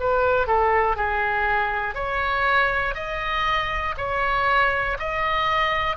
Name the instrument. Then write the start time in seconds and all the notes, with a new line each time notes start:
oboe
0.00 B4
0.47 A4
0.96 G#4
1.95 C#5
2.95 D#5
3.97 C#5
4.99 D#5